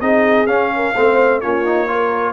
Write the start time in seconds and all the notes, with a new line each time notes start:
0.00 C4 D#4 G#4 D#5
0.46 C#4 F5
0.75 A#4
0.93 A3 C4 C5
1.40 A#3 C#4 F4 C#5
1.65 D#4
1.88 F4 A#4